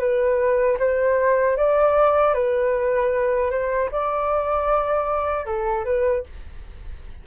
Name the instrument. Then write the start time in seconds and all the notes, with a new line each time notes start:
flute
0.00 B4
0.80 C5
1.57 D5
2.34 B4
3.51 C5
3.92 D5
5.46 A4
5.85 B4